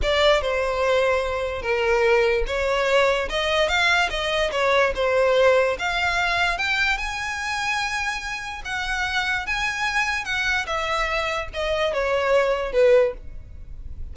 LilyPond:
\new Staff \with { instrumentName = "violin" } { \time 4/4 \tempo 4 = 146 d''4 c''2. | ais'2 cis''2 | dis''4 f''4 dis''4 cis''4 | c''2 f''2 |
g''4 gis''2.~ | gis''4 fis''2 gis''4~ | gis''4 fis''4 e''2 | dis''4 cis''2 b'4 | }